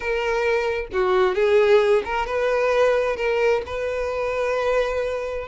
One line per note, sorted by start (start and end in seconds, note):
0.00 0.87 A#4
0.92 1.34 F#4
1.34 2.02 G#4
2.05 2.26 A#4
2.26 3.16 B4
3.16 3.62 A#4
3.65 5.47 B4